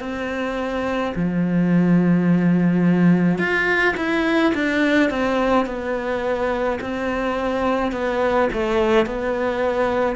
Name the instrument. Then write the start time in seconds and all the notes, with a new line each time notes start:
cello
0.00 C4
1.15 F3
3.38 F4
3.97 E4
4.54 D4
5.10 C4
5.66 B3
6.81 C4
7.92 B3
8.53 A3
9.06 B3